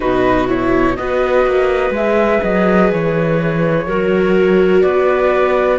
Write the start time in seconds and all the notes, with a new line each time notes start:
0.00 B2 D#4 F#4 B4
0.47 E4 C#5
0.96 B3 F#4 B4 D#5
1.46 A#3
1.90 G#3 E5
1.97 G#4
2.43 F#3 D#5
2.92 E3 C#5
3.85 F#3 F#4 A#4
4.81 B3 B4 D5